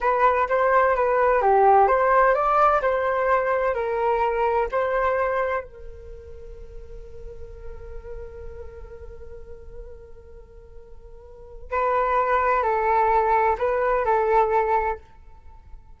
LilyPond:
\new Staff \with { instrumentName = "flute" } { \time 4/4 \tempo 4 = 128 b'4 c''4 b'4 g'4 | c''4 d''4 c''2 | ais'2 c''2 | ais'1~ |
ais'1~ | ais'1~ | ais'4 b'2 a'4~ | a'4 b'4 a'2 | }